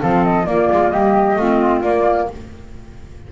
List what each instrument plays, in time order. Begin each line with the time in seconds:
0.00 double bass F3, clarinet C4, flute A4 F5
0.24 flute D#5
0.44 clarinet A#3, double bass A#3, flute F4 D5
0.71 double bass G#3
0.89 double bass G3, flute G4 D#5
1.36 double bass A3, clarinet C4, flute F4
1.82 double bass A#3, clarinet A#3, flute D5